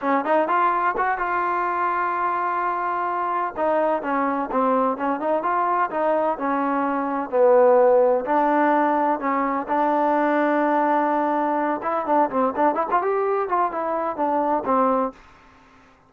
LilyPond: \new Staff \with { instrumentName = "trombone" } { \time 4/4 \tempo 4 = 127 cis'8 dis'8 f'4 fis'8 f'4.~ | f'2.~ f'8 dis'8~ | dis'8 cis'4 c'4 cis'8 dis'8 f'8~ | f'8 dis'4 cis'2 b8~ |
b4. d'2 cis'8~ | cis'8 d'2.~ d'8~ | d'4 e'8 d'8 c'8 d'8 e'16 f'16 g'8~ | g'8 f'8 e'4 d'4 c'4 | }